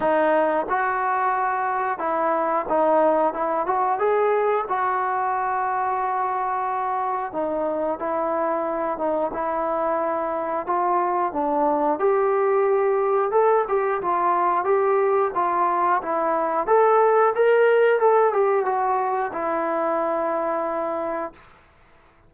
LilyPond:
\new Staff \with { instrumentName = "trombone" } { \time 4/4 \tempo 4 = 90 dis'4 fis'2 e'4 | dis'4 e'8 fis'8 gis'4 fis'4~ | fis'2. dis'4 | e'4. dis'8 e'2 |
f'4 d'4 g'2 | a'8 g'8 f'4 g'4 f'4 | e'4 a'4 ais'4 a'8 g'8 | fis'4 e'2. | }